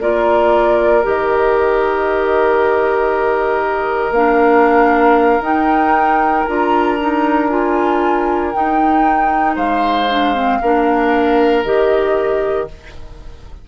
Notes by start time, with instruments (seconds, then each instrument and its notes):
0.00 bassoon A#3, clarinet F4, oboe A#4, flute D5
1.02 bassoon D#3, clarinet G4, flute D#5
4.10 bassoon A#3, clarinet D4, flute F5
5.40 bassoon D#4, clarinet D#4, flute G5
6.46 bassoon D4, clarinet F4, flute A#5
7.00 clarinet D#4
7.49 clarinet F4, flute G#5
8.53 clarinet D#4, bassoon D#4, flute G5
9.55 bassoon G#3, oboe C5, flute F5
10.09 clarinet D4
10.34 clarinet C4
10.61 bassoon A#3, clarinet D4, oboe A#4
11.64 bassoon D#3, clarinet G4, flute D#5